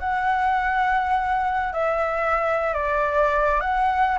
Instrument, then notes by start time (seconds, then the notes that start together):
flute
0.00 F#5
1.73 E5
2.74 D5
3.61 F#5